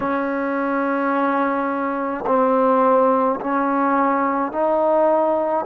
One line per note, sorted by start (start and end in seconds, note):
0.00 2.24 C#4
2.26 3.39 C4
3.40 4.52 C#4
4.52 5.65 D#4